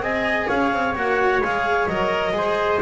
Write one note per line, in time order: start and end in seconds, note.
0.00 0.47 C4
0.00 0.95 G#4
0.00 0.47 D#5
0.00 0.48 G#5
0.47 0.73 C#4
0.47 2.34 C#5
0.47 0.95 F5
0.73 0.95 C4
0.95 1.40 A#3
0.95 1.42 F#4
0.95 1.43 F#5
1.40 1.87 G#3
1.40 1.90 G#4
1.40 1.87 F5
1.87 2.32 F#3
1.87 2.34 A#4
1.87 2.80 D#5
2.32 2.79 G#3
2.32 2.81 G#4
2.32 2.82 C5